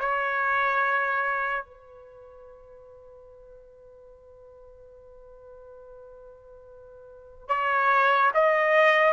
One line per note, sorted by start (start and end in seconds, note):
0.00 1.65 C#5
1.65 7.48 B4
7.48 8.32 C#5
8.34 9.14 D#5